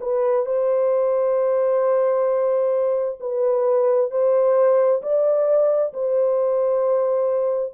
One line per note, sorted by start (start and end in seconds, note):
0.00 0.45 B4
0.45 3.18 C5
3.20 4.10 B4
4.10 5.01 C5
5.02 5.93 D5
5.93 7.73 C5